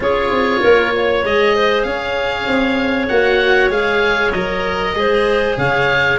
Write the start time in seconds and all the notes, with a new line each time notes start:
0.00 C#4 F4 G#4 C#5
0.30 C4
0.61 A#3 A#4
0.95 C#5
1.24 G#3 G#4 D#5
1.56 C5
1.82 C#4 C#5 F5
2.46 C4
3.08 A#3 F#4 F#5
3.70 G#3 G#4 F5
4.31 F#3 A#4 D#5
4.94 G#3 G#4 C5
5.57 C#3 C#5 F5